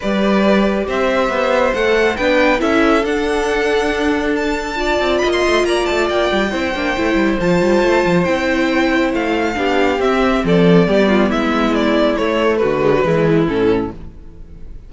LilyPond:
<<
  \new Staff \with { instrumentName = "violin" } { \time 4/4 \tempo 4 = 138 d''2 e''2 | fis''4 g''4 e''4 fis''4~ | fis''2 a''2 | b''16 c'''8. ais''8 a''8 g''2~ |
g''4 a''2 g''4~ | g''4 f''2 e''4 | d''2 e''4 d''4 | cis''4 b'2 a'4 | }
  \new Staff \with { instrumentName = "violin" } { \time 4/4 b'2 c''2~ | c''4 b'4 a'2~ | a'2. d''4 | dis''4 d''2 c''4~ |
c''1~ | c''2 g'2 | a'4 g'8 f'8 e'2~ | e'4 fis'4 e'2 | }
  \new Staff \with { instrumentName = "viola" } { \time 4/4 g'1 | a'4 d'4 e'4 d'4~ | d'2. f'4~ | f'2. e'8 d'8 |
e'4 f'2 e'4~ | e'2 d'4 c'4~ | c'4 b2. | a4. gis16 fis16 gis4 cis'4 | }
  \new Staff \with { instrumentName = "cello" } { \time 4/4 g2 c'4 b4 | a4 b4 cis'4 d'4~ | d'2.~ d'8 c'8 | ais8 a8 ais8 a8 ais8 g8 c'8 ais8 |
a8 g8 f8 g8 a8 f8 c'4~ | c'4 a4 b4 c'4 | f4 g4 gis2 | a4 d4 e4 a,4 | }
>>